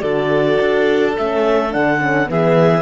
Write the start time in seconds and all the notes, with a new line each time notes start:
0.00 D3 F#4 A4 D5
0.60 D4
1.17 A3 C#4 E5
1.69 D3 D4 F#5
1.98 C#4
2.25 E3 B3 G#4 E5